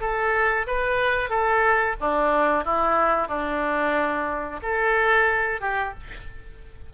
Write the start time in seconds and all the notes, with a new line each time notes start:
0.00 A4
0.67 B4
1.29 A4
2.00 D4
2.64 E4
3.28 D4
4.62 A4
5.60 G4